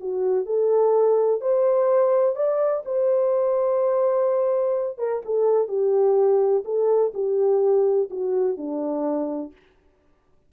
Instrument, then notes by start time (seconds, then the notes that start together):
horn
0.00 F#4
0.45 A4
1.41 C5
2.35 D5
2.85 C5
4.98 A#4
5.25 A4
5.68 G4
6.65 A4
7.14 G4
8.10 F#4
8.57 D4